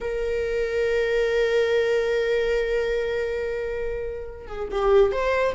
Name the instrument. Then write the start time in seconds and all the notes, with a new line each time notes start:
viola
0.00 A#4
4.47 G#4
4.71 G4
5.12 C5